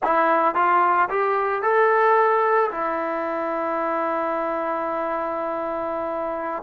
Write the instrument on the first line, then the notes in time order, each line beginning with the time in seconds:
trombone
0.03 E4
0.54 F4
1.09 G4
1.62 A4
2.71 E4